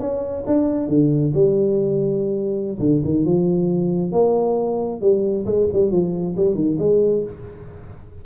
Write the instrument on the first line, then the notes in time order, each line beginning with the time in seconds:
tuba
0.00 C#4
0.47 D4
0.88 D3
1.34 G3
2.80 D3
3.04 D#3
3.25 F3
4.12 A#3
5.01 G3
5.46 G#3
5.73 G3
5.91 F3
6.37 G3
6.55 D#3
6.79 G#3